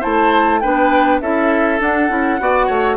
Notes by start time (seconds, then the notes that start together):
0.00 A3 E4 C5 A5
0.60 B3 D4 B4 G5
1.20 C#4 E4 A4 E5
1.79 D4 F#5
2.09 C#4 E4
2.39 B3 F#4 D5
2.66 A3 C#5